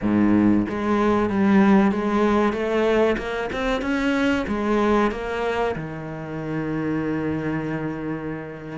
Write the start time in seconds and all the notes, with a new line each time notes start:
0.02 G#2
0.68 G#3
1.29 G3
1.91 G#3
2.52 A3
3.17 A#3
3.52 C4
3.82 C#4
4.47 G#3
5.11 A#3
5.75 D#3